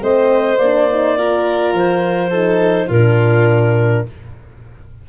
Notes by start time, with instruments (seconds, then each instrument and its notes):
0.00 tuba A3, horn C4, violin C5, clarinet D#5
0.59 tuba A#3, horn D4, clarinet D5
0.90 horn D#4
1.18 horn F4, violin A#4
1.74 tuba F3, clarinet C5
2.30 horn D#4, violin A4
2.87 tuba A#2, violin F4, clarinet A#4
2.94 horn D4